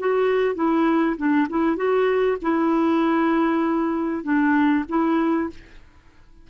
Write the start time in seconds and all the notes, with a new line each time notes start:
0.00 F#4
0.56 E4
1.17 D4
1.50 E4
1.77 F#4
2.42 E4
4.24 D4
4.89 E4